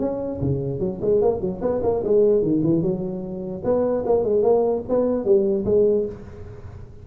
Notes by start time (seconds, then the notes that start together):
0.00 C#4
0.41 C#3
0.80 F#3
1.02 G#3
1.22 A#3
1.41 F#3
1.62 B3
1.83 A#3
2.04 G#3
2.43 D#3
2.64 E3
2.82 F#3
3.64 B3
4.06 A#3
4.24 G#3
4.43 A#3
4.89 B3
5.25 G3
5.65 G#3